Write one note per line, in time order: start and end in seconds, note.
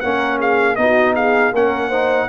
0.00 0.77 A#3
0.00 0.77 C#4
0.00 0.38 A#4
0.00 0.38 F#5
0.38 0.76 G#4
0.38 0.76 F5
0.76 1.52 B3
0.76 1.53 D#4
0.76 1.14 D#5
0.82 1.15 F#4
1.15 1.53 G#4
1.15 1.53 F5
1.52 2.28 A#3
1.52 1.92 C#4
1.52 1.88 A#4
1.52 2.28 F#5
1.88 2.28 D#4
1.88 2.26 C5